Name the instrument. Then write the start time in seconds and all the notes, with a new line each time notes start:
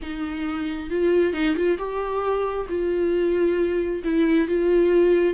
viola
0.02 D#4
0.90 F4
1.33 D#4
1.56 F4
1.77 G4
2.69 F4
4.04 E4
4.48 F4